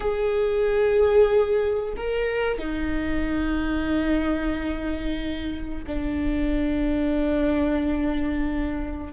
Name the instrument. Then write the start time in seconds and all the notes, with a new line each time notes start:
viola
0.00 G#4
1.96 A#4
2.58 D#4
5.86 D4